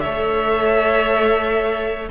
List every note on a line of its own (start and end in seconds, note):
0.00 2.11 A3
0.00 2.11 A4
0.00 2.08 C#5
0.00 2.06 E5